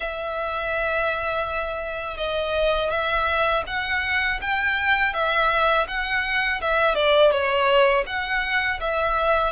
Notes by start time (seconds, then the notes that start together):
0.00 E5
2.17 D#5
2.90 E5
3.67 F#5
4.41 G5
5.13 E5
5.87 F#5
6.61 E5
6.94 D5
7.31 C#5
8.06 F#5
8.80 E5